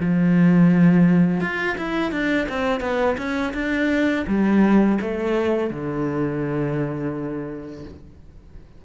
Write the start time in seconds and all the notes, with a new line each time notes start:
0.00 F3
1.41 F4
1.77 E4
2.12 D4
2.49 C4
2.81 B3
3.18 C#4
3.54 D4
4.27 G3
5.01 A3
5.70 D3